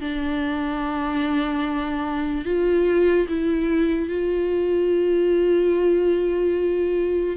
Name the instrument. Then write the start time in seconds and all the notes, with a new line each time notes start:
viola
0.00 D4
2.45 F4
3.28 E4
4.08 F4